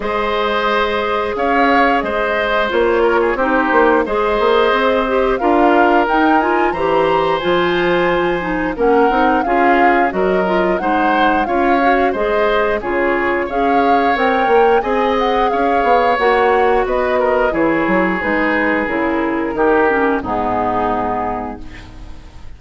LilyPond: <<
  \new Staff \with { instrumentName = "flute" } { \time 4/4 \tempo 4 = 89 dis''2 f''4 dis''4 | cis''4 c''4 dis''2 | f''4 g''8 gis''8 ais''4 gis''4~ | gis''4 fis''4 f''4 dis''4 |
fis''4 f''4 dis''4 cis''4 | f''4 g''4 gis''8 fis''8 f''4 | fis''4 dis''4 cis''4 b'4 | ais'2 gis'2 | }
  \new Staff \with { instrumentName = "oboe" } { \time 4/4 c''2 cis''4 c''4~ | c''8 ais'16 gis'16 g'4 c''2 | ais'2 c''2~ | c''4 ais'4 gis'4 ais'4 |
c''4 cis''4 c''4 gis'4 | cis''2 dis''4 cis''4~ | cis''4 b'8 ais'8 gis'2~ | gis'4 g'4 dis'2 | }
  \new Staff \with { instrumentName = "clarinet" } { \time 4/4 gis'1 | f'4 dis'4 gis'4. g'8 | f'4 dis'8 f'8 g'4 f'4~ | f'8 dis'8 cis'8 dis'8 f'4 fis'8 f'8 |
dis'4 f'8 fis'8 gis'4 f'4 | gis'4 ais'4 gis'2 | fis'2 e'4 dis'4 | e'4 dis'8 cis'8 b2 | }
  \new Staff \with { instrumentName = "bassoon" } { \time 4/4 gis2 cis'4 gis4 | ais4 c'8 ais8 gis8 ais8 c'4 | d'4 dis'4 e4 f4~ | f4 ais8 c'8 cis'4 fis4 |
gis4 cis'4 gis4 cis4 | cis'4 c'8 ais8 c'4 cis'8 b8 | ais4 b4 e8 fis8 gis4 | cis4 dis4 gis,2 | }
>>